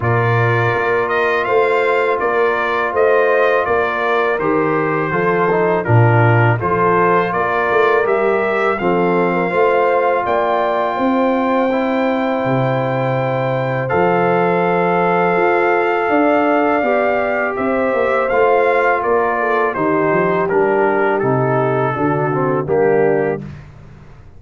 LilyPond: <<
  \new Staff \with { instrumentName = "trumpet" } { \time 4/4 \tempo 4 = 82 d''4. dis''8 f''4 d''4 | dis''4 d''4 c''2 | ais'4 c''4 d''4 e''4 | f''2 g''2~ |
g''2. f''4~ | f''1 | e''4 f''4 d''4 c''4 | ais'4 a'2 g'4 | }
  \new Staff \with { instrumentName = "horn" } { \time 4/4 ais'2 c''4 ais'4 | c''4 ais'2 a'4 | f'4 a'4 ais'2 | a'8. ais'16 c''4 d''4 c''4~ |
c''1~ | c''2 d''2 | c''2 ais'8 a'8 g'4~ | g'2 fis'4 d'4 | }
  \new Staff \with { instrumentName = "trombone" } { \time 4/4 f'1~ | f'2 g'4 f'8 dis'8 | d'4 f'2 g'4 | c'4 f'2. |
e'2. a'4~ | a'2. g'4~ | g'4 f'2 dis'4 | d'4 dis'4 d'8 c'8 ais4 | }
  \new Staff \with { instrumentName = "tuba" } { \time 4/4 ais,4 ais4 a4 ais4 | a4 ais4 dis4 f4 | ais,4 f4 ais8 a8 g4 | f4 a4 ais4 c'4~ |
c'4 c2 f4~ | f4 f'4 d'4 b4 | c'8 ais8 a4 ais4 dis8 f8 | g4 c4 d4 g4 | }
>>